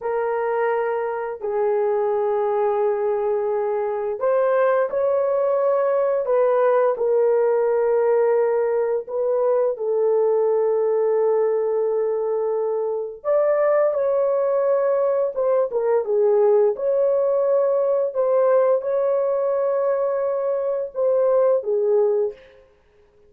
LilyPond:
\new Staff \with { instrumentName = "horn" } { \time 4/4 \tempo 4 = 86 ais'2 gis'2~ | gis'2 c''4 cis''4~ | cis''4 b'4 ais'2~ | ais'4 b'4 a'2~ |
a'2. d''4 | cis''2 c''8 ais'8 gis'4 | cis''2 c''4 cis''4~ | cis''2 c''4 gis'4 | }